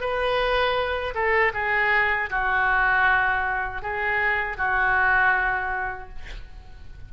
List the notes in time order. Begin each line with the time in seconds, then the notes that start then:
0.00 B4
1.14 A4
1.54 G#4
2.30 F#4
3.82 G#4
4.57 F#4